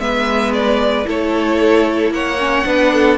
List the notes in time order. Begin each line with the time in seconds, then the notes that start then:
0.00 G#3 B3 B4 E5
0.54 D5
1.05 A3 E4 A4 C#5
2.11 A#3 C#5 F#5
2.39 C#4
2.65 B3 D4 B4
2.94 A4